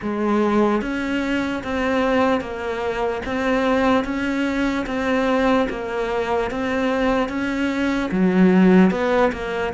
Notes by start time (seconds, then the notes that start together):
0.02 G#3
0.81 C#4
1.63 C4
2.40 A#3
3.25 C4
4.04 C#4
4.86 C4
5.69 A#3
6.50 C4
7.29 C#4
8.11 F#3
8.90 B3
9.32 A#3